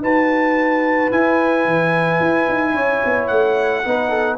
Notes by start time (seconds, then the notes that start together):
0.00 D#4 F#4 B4 A5
1.11 E4 G#5
1.65 E3
2.20 E4
2.49 D#4
2.73 C#4 C#5
3.05 B3
3.27 A3 F#5
3.84 B3 D#4 B4
4.09 A4